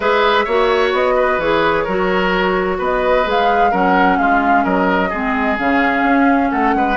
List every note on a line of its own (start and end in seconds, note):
0.00 0.45 G#3
0.00 0.47 G#4
0.00 0.44 B4
0.00 0.90 E5
0.44 0.92 A#3
0.44 1.41 F#4
0.44 1.14 C#5
0.92 1.37 B3
0.92 1.40 D#5
1.16 1.84 B4
1.37 1.84 E3
1.37 1.87 G#4
1.37 2.79 C#5
1.84 2.79 F#3
1.84 3.25 F#4
1.84 2.77 A#4
2.78 3.25 B3
2.78 3.70 B4
2.78 3.29 D#5
3.25 3.72 G#3
3.25 3.71 G#4
3.25 3.73 F5
3.70 4.18 F#3
3.70 5.11 C#4
3.70 4.17 A#4
3.70 4.18 F#5
4.18 4.64 G#3
4.18 4.63 F4
4.18 4.64 F5
4.63 5.11 F#3
4.63 5.09 A#4
4.63 5.57 D#5
5.09 5.58 G#3
5.09 5.57 C4
5.09 6.48 G#4
5.57 6.03 C#3
5.57 6.97 C#4
5.57 6.50 F5
6.03 6.49 C#4
6.50 6.74 A3
6.50 6.74 A4
6.50 6.97 F#5
6.74 6.97 G#3
6.74 6.97 B4